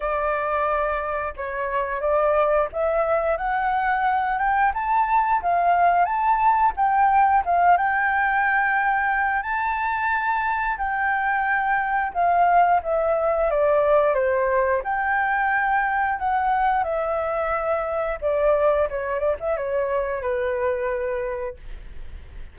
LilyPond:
\new Staff \with { instrumentName = "flute" } { \time 4/4 \tempo 4 = 89 d''2 cis''4 d''4 | e''4 fis''4. g''8 a''4 | f''4 a''4 g''4 f''8 g''8~ | g''2 a''2 |
g''2 f''4 e''4 | d''4 c''4 g''2 | fis''4 e''2 d''4 | cis''8 d''16 e''16 cis''4 b'2 | }